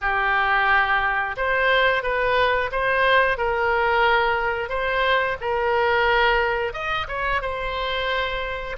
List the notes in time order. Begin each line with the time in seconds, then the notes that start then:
0.01 G4
1.36 C5
2.02 B4
2.71 C5
3.37 A#4
4.69 C5
5.41 A#4
6.73 D#5
7.08 C#5
7.41 C5